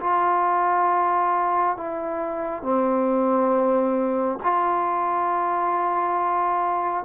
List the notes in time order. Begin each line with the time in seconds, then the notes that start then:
0.00 F4
1.76 E4
2.62 C4
4.43 F4